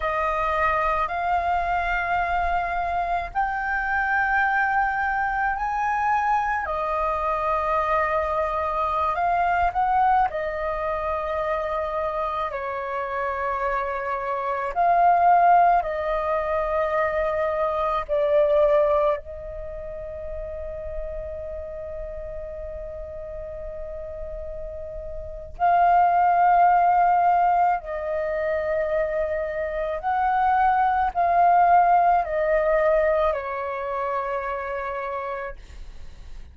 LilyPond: \new Staff \with { instrumentName = "flute" } { \time 4/4 \tempo 4 = 54 dis''4 f''2 g''4~ | g''4 gis''4 dis''2~ | dis''16 f''8 fis''8 dis''2 cis''8.~ | cis''4~ cis''16 f''4 dis''4.~ dis''16~ |
dis''16 d''4 dis''2~ dis''8.~ | dis''2. f''4~ | f''4 dis''2 fis''4 | f''4 dis''4 cis''2 | }